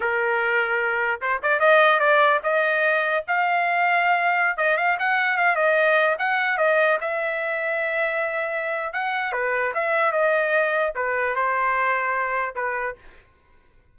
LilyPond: \new Staff \with { instrumentName = "trumpet" } { \time 4/4 \tempo 4 = 148 ais'2. c''8 d''8 | dis''4 d''4 dis''2 | f''2.~ f''16 dis''8 f''16~ | f''16 fis''4 f''8 dis''4. fis''8.~ |
fis''16 dis''4 e''2~ e''8.~ | e''2 fis''4 b'4 | e''4 dis''2 b'4 | c''2. b'4 | }